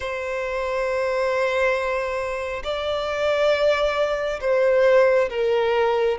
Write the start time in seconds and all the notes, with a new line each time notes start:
0.00 C5
2.63 D5
4.40 C5
5.29 A#4